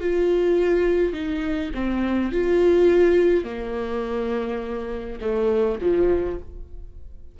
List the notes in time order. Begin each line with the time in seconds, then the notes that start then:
0.00 F4
1.13 D#4
1.74 C4
2.32 F4
3.44 A#3
5.21 A3
5.81 F3